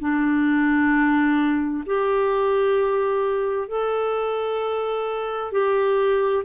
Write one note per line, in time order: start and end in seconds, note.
0.00 1.85 D4
1.87 3.68 G4
3.68 5.52 A4
5.52 6.44 G4